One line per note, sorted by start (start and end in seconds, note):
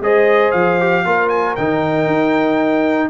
0.00 0.52 G#3
0.00 0.80 G#4
0.00 1.05 C5
0.00 0.51 D#5
0.51 1.05 F3
0.51 1.29 F5
0.80 1.05 G4
1.05 1.56 A#3
1.05 1.57 F4
1.05 3.09 A#4
1.29 1.54 G#5
1.55 2.06 D#3
1.55 3.09 D#4
1.55 3.09 G5
2.06 3.09 D#4